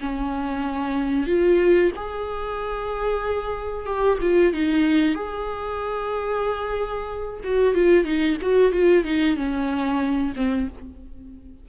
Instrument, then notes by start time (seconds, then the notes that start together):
viola
0.00 C#4
1.27 F4
1.96 G#4
3.86 G4
4.22 F4
4.53 D#4
5.15 G#4
7.44 F#4
7.75 F4
8.05 D#4
8.42 F#4
8.72 F4
9.04 D#4
9.37 C#4
10.36 C4